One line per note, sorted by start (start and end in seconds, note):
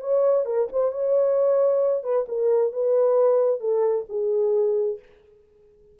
0.00 0.45 C#5
0.45 0.68 A#4
0.72 0.92 C5
0.92 2.03 C#5
2.03 2.26 B4
2.28 2.73 A#4
2.73 3.60 B4
3.60 4.05 A4
4.09 4.99 G#4